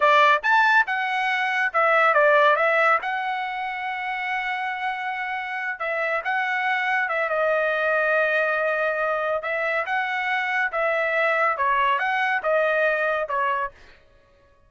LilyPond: \new Staff \with { instrumentName = "trumpet" } { \time 4/4 \tempo 4 = 140 d''4 a''4 fis''2 | e''4 d''4 e''4 fis''4~ | fis''1~ | fis''4. e''4 fis''4.~ |
fis''8 e''8 dis''2.~ | dis''2 e''4 fis''4~ | fis''4 e''2 cis''4 | fis''4 dis''2 cis''4 | }